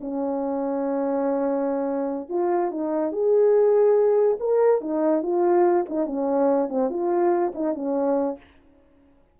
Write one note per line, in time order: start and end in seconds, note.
0.00 2.29 C#4
2.29 2.71 F4
2.71 3.12 D#4
3.12 4.38 G#4
4.40 4.81 A#4
4.81 5.23 D#4
5.23 5.86 F4
5.89 6.06 D#4
6.06 6.69 C#4
6.69 6.90 C4
6.90 7.53 F4
7.55 7.74 D#4
7.74 8.37 C#4